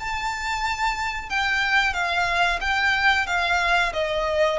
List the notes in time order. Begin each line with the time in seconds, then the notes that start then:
0.00 A5
1.30 G5
1.94 F5
2.61 G5
3.27 F5
3.93 D#5